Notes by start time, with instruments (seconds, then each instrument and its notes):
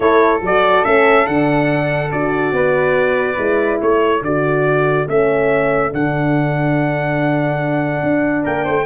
0.00 tuba A3, horn E4, flute A4, trumpet C#5
0.41 tuba F#3, horn F#4, trumpet D5
0.84 tuba A3, horn C#4, trumpet E5
1.25 tuba D3, horn D4, trumpet F#5
2.11 tuba D4, horn F#4, trumpet D5
2.51 tuba B3, flute B4
3.36 tuba G#3, horn E4
3.80 tuba A3, flute A4, trumpet C#5
4.21 tuba D3, horn F#4, trumpet D5
5.07 tuba A3, horn C#4, trumpet E5
5.89 tuba D3, horn D4, trumpet F#5
8.02 tuba D4
8.43 tuba A#3, flute A#4, trumpet G5
8.64 tuba A3, flute C5